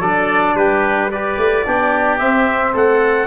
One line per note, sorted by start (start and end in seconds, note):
0.00 0.55 F#3
0.00 1.11 D4
0.00 0.55 A4
0.00 0.56 D5
0.55 1.37 G3
0.55 1.11 G4
0.55 1.11 B4
1.11 1.65 G4
1.11 1.66 B4
1.11 2.19 D5
1.38 1.65 A3
1.65 2.20 B3
1.65 2.19 D4
1.65 2.73 G4
2.19 3.27 C4
2.19 2.74 C4
2.19 2.73 E5
2.73 3.27 A3
2.73 3.27 A4
2.73 3.27 F#5